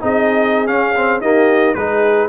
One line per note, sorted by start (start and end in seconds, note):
0.00 0.69 C4
0.00 0.67 D#4
0.00 1.21 G#4
0.00 0.67 D#5
0.67 0.94 C#4
0.67 1.20 C#4
0.67 1.20 F5
0.96 1.22 C4
1.20 1.76 A#3
1.20 1.74 D#4
1.20 1.75 G4
1.20 1.74 D#5
1.74 2.28 G#3
1.74 2.28 D#4
1.74 2.28 G#4
1.74 2.28 B4